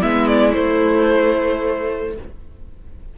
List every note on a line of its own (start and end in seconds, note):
0.00 0.57 G#3
0.00 0.54 B3
0.00 2.14 E4
0.00 0.27 E5
0.27 0.53 D5
0.53 2.15 A3
0.53 2.18 A3
0.53 2.14 C5